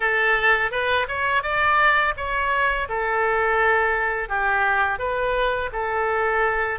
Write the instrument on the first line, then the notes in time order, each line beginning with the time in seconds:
oboe
0.00 A4
0.71 B4
1.07 C#5
1.42 D5
2.16 C#5
2.88 A4
4.29 G4
4.98 B4
5.72 A4